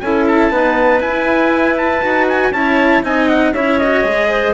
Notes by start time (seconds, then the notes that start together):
0.00 C#4 E4 A4 G#5
0.28 A5
0.51 B3 D#4 B4
1.00 E4 G#5
1.78 A5
2.02 D#4 F#4
2.29 G#5
2.51 C#4 E4 C#5 A5
3.03 C4 D#4 D#5 G#5
3.29 F#5
3.54 C#4 E4 C#5 E5
3.79 F#4 D#5
4.04 G#3 G#4
4.29 C5